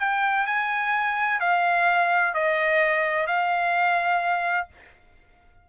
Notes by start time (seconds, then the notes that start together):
0.00 G5
0.47 G#5
1.41 F5
2.34 D#5
3.27 F5